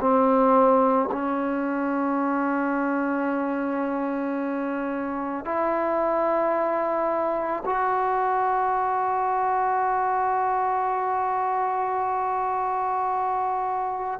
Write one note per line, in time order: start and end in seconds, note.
0.00 1.09 C4
1.12 5.45 C#4
5.45 7.63 E4
7.65 14.20 F#4